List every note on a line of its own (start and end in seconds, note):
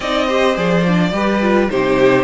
0.00 0.57 C4
0.00 0.28 D#4
0.00 0.26 D5
0.00 0.55 D#5
0.26 0.54 G4
0.26 1.11 C5
0.54 1.12 F3
0.54 0.82 G#4
0.54 1.69 D5
0.87 1.12 D4
1.12 1.69 G3
1.12 1.40 G4
1.12 1.70 B4
1.41 1.70 F4
1.69 2.23 C3
1.69 2.23 D#4
1.69 2.23 G4
1.69 2.23 C5